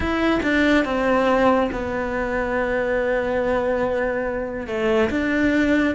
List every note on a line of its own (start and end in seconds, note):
0.00 0.40 E4
0.42 0.84 D4
0.84 1.69 C4
1.72 4.67 B3
4.67 5.09 A3
5.10 5.95 D4